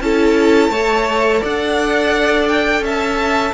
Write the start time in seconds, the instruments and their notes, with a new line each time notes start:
0.00 cello C#4, viola E4, violin A4 A5
0.69 cello A3, viola A4, violin C#5
1.41 cello D4, violin D5 F#5
2.48 violin G5
2.80 cello C#4, violin E5 A5